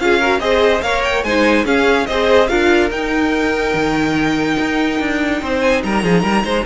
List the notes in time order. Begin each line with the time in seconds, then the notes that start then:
0.00 C#4 F4 G#4 F5
0.20 F#4 A#4
0.40 C4 G#4 C5 D#5
0.82 A#3 A#4 C#5 F5
1.04 G5
1.24 G#3 D#4 C5 G#5
1.65 C#4 G#4 F5
2.07 C4 G#4 C5 D#5
2.48 D4 F4 A#4 F5
2.91 D#4 G5
3.74 D#3
4.59 D#4
5.00 D4
5.42 C4 C5
5.62 G#5
5.84 G3 A#4 A#5
6.04 F3 G#4
6.23 G3 A#4
6.45 G#3 C5